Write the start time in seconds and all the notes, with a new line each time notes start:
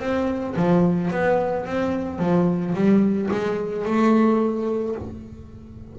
0.00 C4
0.56 F3
1.11 B3
1.66 C4
2.19 F3
2.74 G3
3.32 G#3
3.85 A3